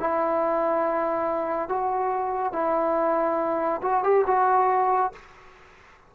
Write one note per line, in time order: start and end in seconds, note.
0.00 1.69 E4
1.69 2.53 F#4
2.53 3.81 E4
3.82 4.03 F#4
4.04 4.25 G4
4.27 5.12 F#4